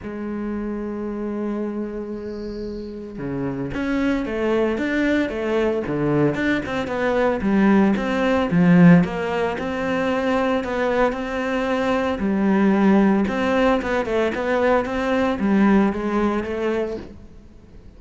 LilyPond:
\new Staff \with { instrumentName = "cello" } { \time 4/4 \tempo 4 = 113 gis1~ | gis2 cis4 cis'4 | a4 d'4 a4 d4 | d'8 c'8 b4 g4 c'4 |
f4 ais4 c'2 | b4 c'2 g4~ | g4 c'4 b8 a8 b4 | c'4 g4 gis4 a4 | }